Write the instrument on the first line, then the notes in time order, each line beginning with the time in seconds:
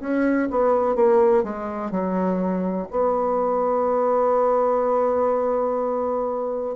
bassoon
0.00 C#4
0.50 B3
0.95 A#3
1.43 G#3
1.91 F#3
2.90 B3